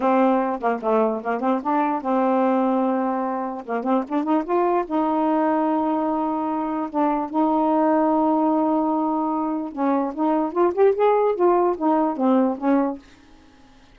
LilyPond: \new Staff \with { instrumentName = "saxophone" } { \time 4/4 \tempo 4 = 148 c'4. ais8 a4 ais8 c'8 | d'4 c'2.~ | c'4 ais8 c'8 d'8 dis'8 f'4 | dis'1~ |
dis'4 d'4 dis'2~ | dis'1 | cis'4 dis'4 f'8 g'8 gis'4 | f'4 dis'4 c'4 cis'4 | }